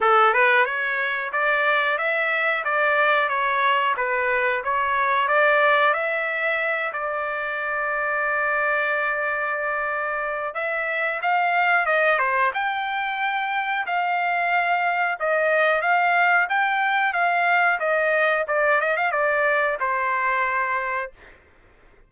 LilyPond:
\new Staff \with { instrumentName = "trumpet" } { \time 4/4 \tempo 4 = 91 a'8 b'8 cis''4 d''4 e''4 | d''4 cis''4 b'4 cis''4 | d''4 e''4. d''4.~ | d''1 |
e''4 f''4 dis''8 c''8 g''4~ | g''4 f''2 dis''4 | f''4 g''4 f''4 dis''4 | d''8 dis''16 f''16 d''4 c''2 | }